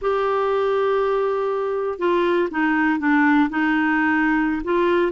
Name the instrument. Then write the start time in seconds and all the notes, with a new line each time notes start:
clarinet
0.01 G4
1.98 F4
2.50 D#4
2.99 D4
3.49 D#4
4.64 F4